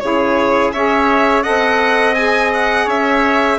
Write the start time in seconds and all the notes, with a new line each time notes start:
0.00 C#3 E4 G#4 C#5
0.73 C#4 G#4 C#5 E5
1.43 C4 A4 D#5 F#5
2.15 G#4 G#5
2.54 F#5
2.86 C#4 C#5 E5